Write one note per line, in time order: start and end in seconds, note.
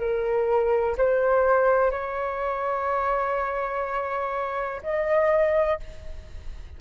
0.00 0.97 A#4
0.98 1.91 C5
1.91 4.82 C#5
4.84 5.81 D#5